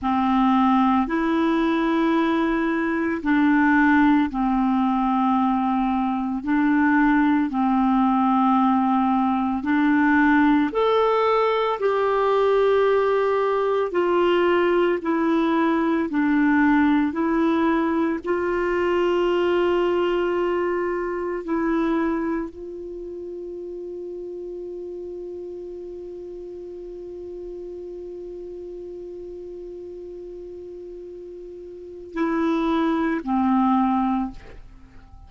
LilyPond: \new Staff \with { instrumentName = "clarinet" } { \time 4/4 \tempo 4 = 56 c'4 e'2 d'4 | c'2 d'4 c'4~ | c'4 d'4 a'4 g'4~ | g'4 f'4 e'4 d'4 |
e'4 f'2. | e'4 f'2.~ | f'1~ | f'2 e'4 c'4 | }